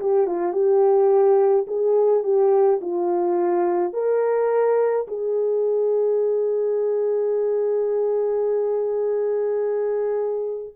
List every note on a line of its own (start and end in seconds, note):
0.00 0.27 G4
0.27 0.53 F4
0.53 1.66 G4
1.67 2.24 G#4
2.24 2.80 G4
2.81 3.94 F4
3.94 5.07 A#4
5.08 10.74 G#4